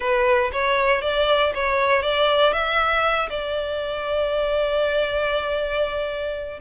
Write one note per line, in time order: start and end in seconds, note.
0.00 0.51 B4
0.52 1.01 C#5
1.01 1.52 D5
1.54 2.02 C#5
2.02 2.52 D5
2.52 3.29 E5
3.29 6.60 D5